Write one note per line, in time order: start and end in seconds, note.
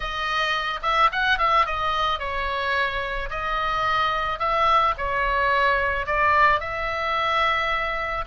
0.00 0.80 D#5
0.82 1.09 E5
1.12 1.38 F#5
1.38 1.66 E5
1.66 2.19 D#5
2.19 3.29 C#5
3.30 4.39 D#5
4.39 4.94 E5
4.97 6.06 C#5
6.06 6.59 D5
6.59 8.24 E5